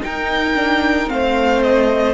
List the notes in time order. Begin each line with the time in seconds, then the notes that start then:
0.00 D#4 A#4 G5
0.55 D4
1.06 A3 C4 F5
1.12 C5
1.62 D#5